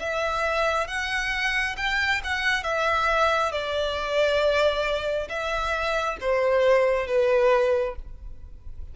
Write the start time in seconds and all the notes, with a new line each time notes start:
0.00 E5
0.88 F#5
1.78 G5
2.24 F#5
2.64 E5
3.52 D5
5.29 E5
6.21 C5
7.07 B4